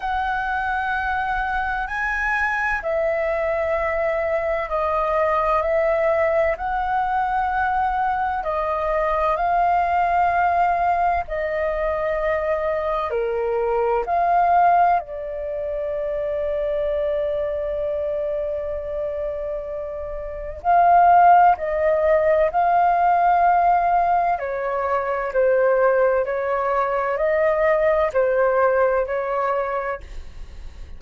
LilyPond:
\new Staff \with { instrumentName = "flute" } { \time 4/4 \tempo 4 = 64 fis''2 gis''4 e''4~ | e''4 dis''4 e''4 fis''4~ | fis''4 dis''4 f''2 | dis''2 ais'4 f''4 |
d''1~ | d''2 f''4 dis''4 | f''2 cis''4 c''4 | cis''4 dis''4 c''4 cis''4 | }